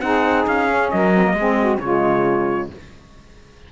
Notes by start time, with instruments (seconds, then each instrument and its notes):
0.00 cello C4, saxophone D#4 G#4, trumpet F#5
0.47 cello C#4, trumpet F5
0.68 saxophone C#4
0.90 cello F#3, saxophone A#4, trumpet D#5
1.14 saxophone C4
1.24 saxophone A#3
1.33 cello G#3, saxophone C4 G#4
1.58 saxophone F#4
1.79 cello C#3, saxophone G#3 F4, trumpet C#5